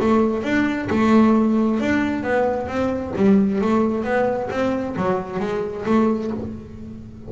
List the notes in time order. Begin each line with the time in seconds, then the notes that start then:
0.00 A3
0.43 D4
0.90 A3
1.80 D4
2.23 B3
2.68 C4
3.16 G3
3.61 A3
4.04 B3
4.50 C4
4.96 F#3
5.40 G#3
5.85 A3